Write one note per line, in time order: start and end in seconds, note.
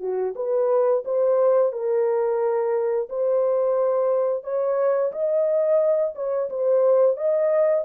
0.00 0.34 F#4
0.36 1.04 B4
1.05 1.72 C5
1.72 3.09 A#4
3.09 4.43 C5
4.43 5.12 C#5
5.12 6.15 D#5
6.15 6.49 C#5
6.50 7.17 C5
7.17 7.85 D#5